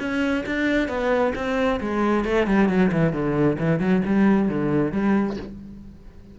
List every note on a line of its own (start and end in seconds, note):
0.00 0.45 C#4
0.46 0.89 D4
0.89 1.34 B3
1.36 1.81 C4
1.81 2.25 G#3
2.25 2.47 A3
2.47 2.69 G3
2.69 2.92 F#3
2.92 3.13 E3
3.13 3.58 D3
3.59 3.80 E3
3.80 4.03 F#3
4.06 4.49 G3
4.49 4.93 D3
4.93 5.37 G3